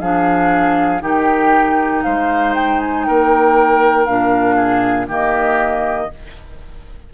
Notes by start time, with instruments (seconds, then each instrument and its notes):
0.00 bassoon F3, clarinet D4, oboe G#4, flute F5
1.01 bassoon D#3, clarinet D#4, oboe G4, flute G5
2.03 bassoon G#3, oboe C5, flute F5
2.54 flute G5
2.80 flute G#5
3.04 bassoon A#3, oboe A#4, flute G5
4.06 bassoon A#2, clarinet D4, flute F5
4.56 oboe G#4
5.08 bassoon D#3, clarinet A#3, oboe G4, flute D#5